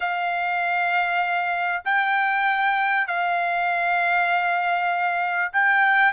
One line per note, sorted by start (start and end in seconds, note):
0.00 1.83 F5
1.85 3.07 G5
3.07 5.52 F5
5.52 6.12 G5